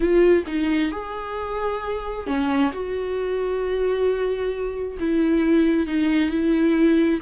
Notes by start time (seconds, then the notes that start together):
0.00 F4
0.46 D#4
0.91 G#4
2.27 C#4
2.72 F#4
4.99 E4
5.86 D#4
6.30 E4